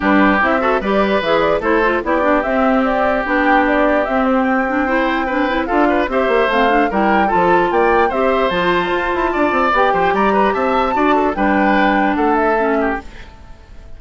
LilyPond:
<<
  \new Staff \with { instrumentName = "flute" } { \time 4/4 \tempo 4 = 148 b'4 e''4 d''4 e''8 d''8 | c''4 d''4 e''4 d''4 | g''4 d''4 e''8 c''8 g''4~ | g''2 f''4 e''4 |
f''4 g''4 a''4 g''4 | e''4 a''2. | g''4 ais''4 a''2 | g''2 fis''8 e''4. | }
  \new Staff \with { instrumentName = "oboe" } { \time 4/4 g'4. a'8 b'2 | a'4 g'2.~ | g'1 | c''4 b'4 a'8 b'8 c''4~ |
c''4 ais'4 a'4 d''4 | c''2. d''4~ | d''8 c''8 d''8 b'8 e''4 d''8 a'8 | b'2 a'4. g'8 | }
  \new Staff \with { instrumentName = "clarinet" } { \time 4/4 d'4 e'8 fis'8 g'4 gis'4 | e'8 f'8 e'8 d'8 c'2 | d'2 c'4. d'8 | e'4 d'8 e'8 f'4 g'4 |
c'8 d'8 e'4 f'2 | g'4 f'2. | g'2. fis'4 | d'2. cis'4 | }
  \new Staff \with { instrumentName = "bassoon" } { \time 4/4 g4 c'4 g4 e4 | a4 b4 c'2 | b2 c'2~ | c'2 d'4 c'8 ais8 |
a4 g4 f4 ais4 | c'4 f4 f'8 e'8 d'8 c'8 | b8 f8 g4 c'4 d'4 | g2 a2 | }
>>